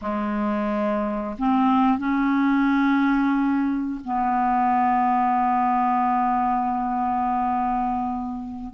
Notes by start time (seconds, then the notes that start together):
0.01 G#3
1.38 C4
1.98 C#4
4.04 B3